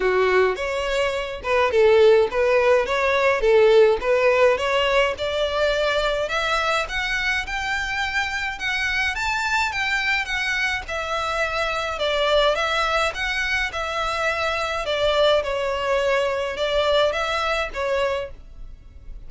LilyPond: \new Staff \with { instrumentName = "violin" } { \time 4/4 \tempo 4 = 105 fis'4 cis''4. b'8 a'4 | b'4 cis''4 a'4 b'4 | cis''4 d''2 e''4 | fis''4 g''2 fis''4 |
a''4 g''4 fis''4 e''4~ | e''4 d''4 e''4 fis''4 | e''2 d''4 cis''4~ | cis''4 d''4 e''4 cis''4 | }